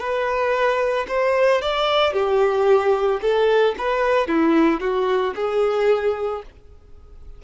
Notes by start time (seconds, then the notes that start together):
0.00 B4
1.08 C5
1.62 D5
2.14 G4
3.22 A4
3.78 B4
4.28 E4
4.81 F#4
5.36 G#4